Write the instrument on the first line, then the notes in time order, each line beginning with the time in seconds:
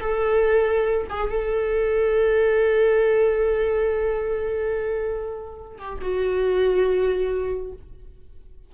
viola
0.00 A4
1.10 G#4
1.31 A4
5.78 G4
6.01 F#4